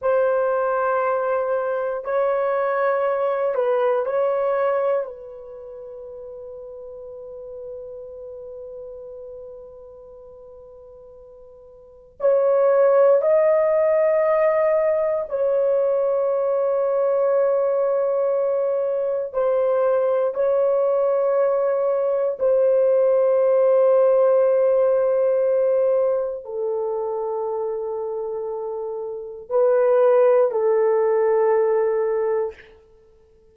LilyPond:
\new Staff \with { instrumentName = "horn" } { \time 4/4 \tempo 4 = 59 c''2 cis''4. b'8 | cis''4 b'2.~ | b'1 | cis''4 dis''2 cis''4~ |
cis''2. c''4 | cis''2 c''2~ | c''2 a'2~ | a'4 b'4 a'2 | }